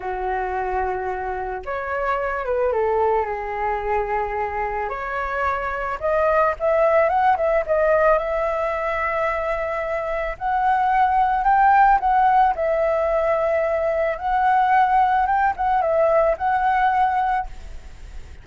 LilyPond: \new Staff \with { instrumentName = "flute" } { \time 4/4 \tempo 4 = 110 fis'2. cis''4~ | cis''8 b'8 a'4 gis'2~ | gis'4 cis''2 dis''4 | e''4 fis''8 e''8 dis''4 e''4~ |
e''2. fis''4~ | fis''4 g''4 fis''4 e''4~ | e''2 fis''2 | g''8 fis''8 e''4 fis''2 | }